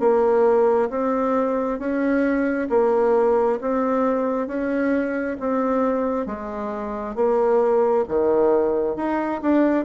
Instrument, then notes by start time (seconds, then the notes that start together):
bassoon
0.00 A#3
0.90 C4
1.79 C#4
2.69 A#3
3.61 C4
4.48 C#4
5.40 C4
6.26 G#3
7.16 A#3
8.08 D#3
8.96 D#4
9.42 D4